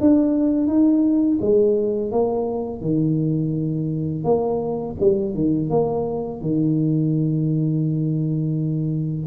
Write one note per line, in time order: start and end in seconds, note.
0.00 0.67 D4
0.67 1.38 D#4
1.41 2.11 G#3
2.11 2.81 A#3
2.81 4.24 D#3
4.24 4.95 A#3
5.00 5.34 G3
5.34 5.69 D#3
5.69 6.41 A#3
6.41 9.26 D#3